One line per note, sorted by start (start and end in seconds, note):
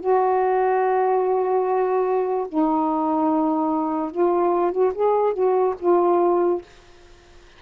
0.00 2.47 F#4
2.48 4.11 D#4
4.11 4.71 F4
4.71 4.92 F#4
4.94 5.33 G#4
5.33 5.74 F#4
5.79 6.61 F4